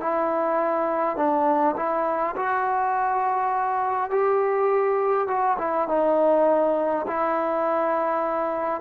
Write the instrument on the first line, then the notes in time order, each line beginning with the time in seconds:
trombone
0.00 E4
1.17 D4
1.76 E4
2.36 F#4
4.11 G4
5.28 F#4
5.59 E4
5.88 D#4
7.07 E4